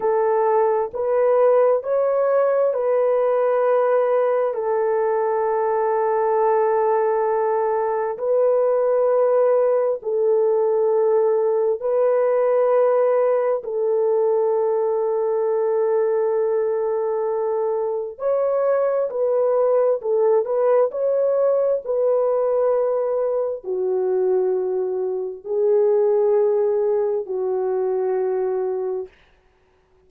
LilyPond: \new Staff \with { instrumentName = "horn" } { \time 4/4 \tempo 4 = 66 a'4 b'4 cis''4 b'4~ | b'4 a'2.~ | a'4 b'2 a'4~ | a'4 b'2 a'4~ |
a'1 | cis''4 b'4 a'8 b'8 cis''4 | b'2 fis'2 | gis'2 fis'2 | }